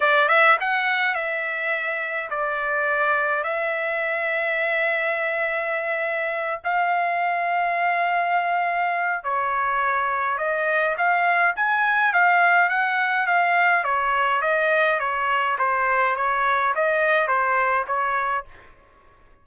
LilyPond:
\new Staff \with { instrumentName = "trumpet" } { \time 4/4 \tempo 4 = 104 d''8 e''8 fis''4 e''2 | d''2 e''2~ | e''2.~ e''8 f''8~ | f''1 |
cis''2 dis''4 f''4 | gis''4 f''4 fis''4 f''4 | cis''4 dis''4 cis''4 c''4 | cis''4 dis''4 c''4 cis''4 | }